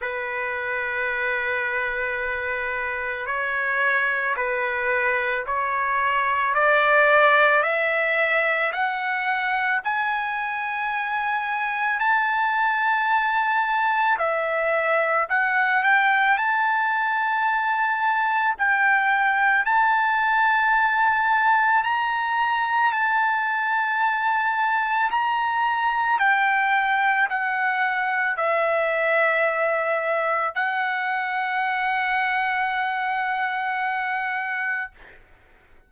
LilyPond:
\new Staff \with { instrumentName = "trumpet" } { \time 4/4 \tempo 4 = 55 b'2. cis''4 | b'4 cis''4 d''4 e''4 | fis''4 gis''2 a''4~ | a''4 e''4 fis''8 g''8 a''4~ |
a''4 g''4 a''2 | ais''4 a''2 ais''4 | g''4 fis''4 e''2 | fis''1 | }